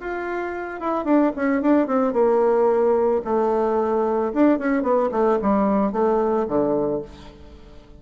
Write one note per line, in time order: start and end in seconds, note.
0.00 0.80 F4
0.80 1.04 E4
1.04 1.31 D4
1.36 1.61 C#4
1.61 1.86 D4
1.86 2.13 C4
2.13 3.21 A#3
3.24 4.32 A3
4.33 4.58 D4
4.58 4.82 C#4
4.82 5.09 B3
5.11 5.38 A3
5.42 5.92 G3
5.92 6.46 A3
6.47 7.01 D3